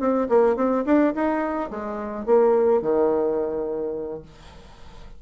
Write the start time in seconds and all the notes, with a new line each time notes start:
0.00 C4
0.29 A#3
0.56 C4
0.86 D4
1.15 D#4
1.70 G#3
2.26 A#3
2.82 D#3